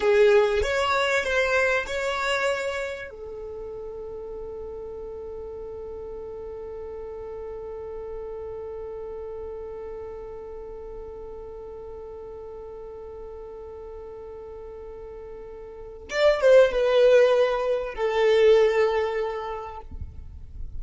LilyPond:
\new Staff \with { instrumentName = "violin" } { \time 4/4 \tempo 4 = 97 gis'4 cis''4 c''4 cis''4~ | cis''4 a'2.~ | a'1~ | a'1~ |
a'1~ | a'1~ | a'2 d''8 c''8 b'4~ | b'4 a'2. | }